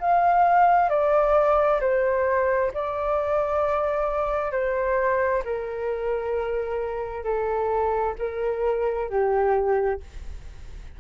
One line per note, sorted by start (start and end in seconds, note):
0.00 0.89 F5
0.89 1.80 D5
1.80 2.71 C5
2.74 4.52 D5
4.52 5.43 C5
5.45 7.24 A#4
7.24 8.14 A4
8.19 9.10 A#4
9.10 10.00 G4